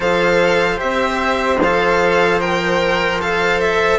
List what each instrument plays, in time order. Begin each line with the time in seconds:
0.00 bassoon F3, cello A4, flute C5, violin F5
0.77 bassoon C4, cello G4, violin E5
1.59 bassoon F3, cello A4, violin F5
2.40 cello A#4, violin G5
3.21 cello A4, violin F5
3.60 violin E5